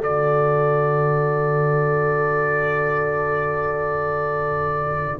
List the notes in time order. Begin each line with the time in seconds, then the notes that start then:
0.00 D3 F#4 A4 D5